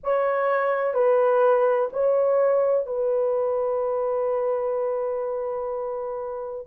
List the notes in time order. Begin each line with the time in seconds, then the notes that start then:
0.03 C#5
0.94 B4
1.92 C#5
2.86 B4